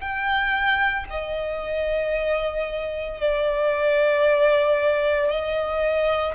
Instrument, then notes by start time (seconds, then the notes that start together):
violin
0.00 G5
1.10 D#5
3.21 D5
5.30 D#5